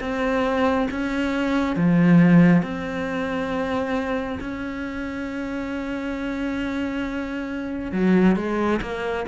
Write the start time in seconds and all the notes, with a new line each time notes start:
0.00 C4
0.91 C#4
1.76 F3
2.62 C4
4.40 C#4
7.92 F#3
8.36 G#3
8.82 A#3